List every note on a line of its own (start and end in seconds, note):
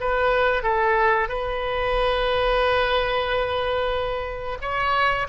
0.00 0.63 B4
0.63 1.29 A4
1.29 4.58 B4
4.61 5.27 C#5